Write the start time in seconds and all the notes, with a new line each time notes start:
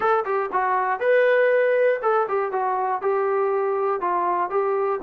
0.00 A4
0.25 G4
0.52 F#4
1.00 B4
2.02 A4
2.28 G4
2.51 F#4
3.01 G4
4.00 F4
4.50 G4